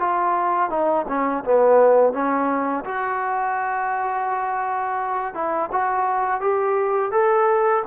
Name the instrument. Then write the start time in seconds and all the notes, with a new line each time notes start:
trombone
0.00 F4
0.70 D#4
1.08 C#4
1.44 B3
2.13 C#4
2.85 F#4
5.34 E4
5.72 F#4
6.41 G4
7.12 A4